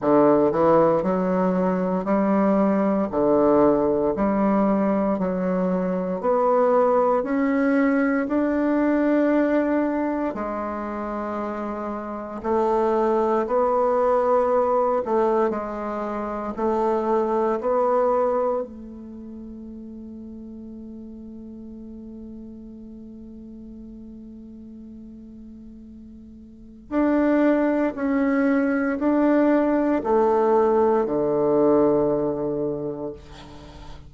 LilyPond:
\new Staff \with { instrumentName = "bassoon" } { \time 4/4 \tempo 4 = 58 d8 e8 fis4 g4 d4 | g4 fis4 b4 cis'4 | d'2 gis2 | a4 b4. a8 gis4 |
a4 b4 a2~ | a1~ | a2 d'4 cis'4 | d'4 a4 d2 | }